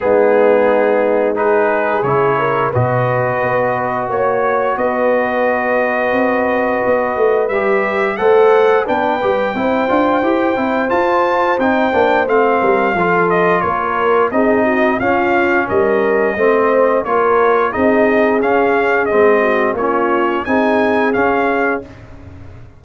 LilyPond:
<<
  \new Staff \with { instrumentName = "trumpet" } { \time 4/4 \tempo 4 = 88 gis'2 b'4 cis''4 | dis''2 cis''4 dis''4~ | dis''2. e''4 | fis''4 g''2. |
a''4 g''4 f''4. dis''8 | cis''4 dis''4 f''4 dis''4~ | dis''4 cis''4 dis''4 f''4 | dis''4 cis''4 gis''4 f''4 | }
  \new Staff \with { instrumentName = "horn" } { \time 4/4 dis'2 gis'4. ais'8 | b'2 cis''4 b'4~ | b'1 | c''4 b'4 c''2~ |
c''2~ c''8 ais'8 a'4 | ais'4 gis'8 fis'8 f'4 ais'4 | c''4 ais'4 gis'2~ | gis'8 fis'8 f'4 gis'2 | }
  \new Staff \with { instrumentName = "trombone" } { \time 4/4 b2 dis'4 e'4 | fis'1~ | fis'2. g'4 | a'4 d'8 g'8 e'8 f'8 g'8 e'8 |
f'4 dis'8 d'8 c'4 f'4~ | f'4 dis'4 cis'2 | c'4 f'4 dis'4 cis'4 | c'4 cis'4 dis'4 cis'4 | }
  \new Staff \with { instrumentName = "tuba" } { \time 4/4 gis2. cis4 | b,4 b4 ais4 b4~ | b4 c'4 b8 a8 g4 | a4 b8 g8 c'8 d'8 e'8 c'8 |
f'4 c'8 ais8 a8 g8 f4 | ais4 c'4 cis'4 g4 | a4 ais4 c'4 cis'4 | gis4 ais4 c'4 cis'4 | }
>>